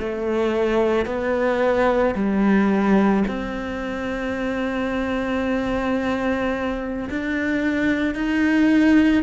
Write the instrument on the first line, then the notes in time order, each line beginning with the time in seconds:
cello
0.00 A3
1.06 B3
2.15 G3
3.28 C4
7.10 D4
8.15 D#4